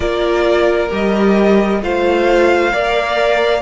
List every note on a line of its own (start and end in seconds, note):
0.00 0.90 A#3
0.00 0.89 F4
0.00 1.81 A#4
0.00 0.90 D5
0.90 1.82 G3
0.90 1.80 G4
0.90 1.83 D#5
1.82 2.73 A3
1.82 2.72 F4
1.82 2.73 C5
1.82 3.62 F5
2.72 3.62 A#3
2.72 3.62 A#4
2.72 3.62 D5